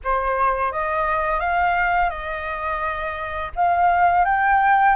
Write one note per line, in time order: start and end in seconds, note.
0.04 0.72 C5
0.72 1.40 D#5
1.40 2.10 F5
2.10 3.51 D#5
3.55 4.24 F5
4.24 4.95 G5